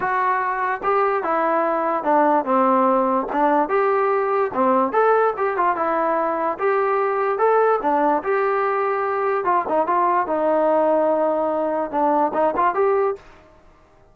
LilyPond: \new Staff \with { instrumentName = "trombone" } { \time 4/4 \tempo 4 = 146 fis'2 g'4 e'4~ | e'4 d'4 c'2 | d'4 g'2 c'4 | a'4 g'8 f'8 e'2 |
g'2 a'4 d'4 | g'2. f'8 dis'8 | f'4 dis'2.~ | dis'4 d'4 dis'8 f'8 g'4 | }